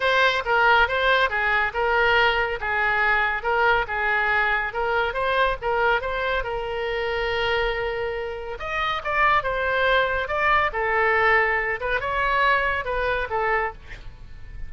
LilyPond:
\new Staff \with { instrumentName = "oboe" } { \time 4/4 \tempo 4 = 140 c''4 ais'4 c''4 gis'4 | ais'2 gis'2 | ais'4 gis'2 ais'4 | c''4 ais'4 c''4 ais'4~ |
ais'1 | dis''4 d''4 c''2 | d''4 a'2~ a'8 b'8 | cis''2 b'4 a'4 | }